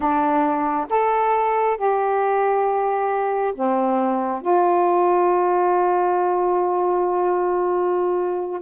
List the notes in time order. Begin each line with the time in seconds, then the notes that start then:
0.00 D4
0.89 A4
1.77 G4
3.54 C4
4.41 F4